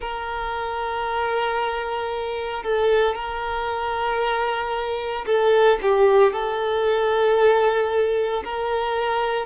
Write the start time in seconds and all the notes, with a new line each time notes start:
0.00 A#4
2.63 A4
3.14 A#4
5.26 A4
5.82 G4
6.33 A4
8.44 A#4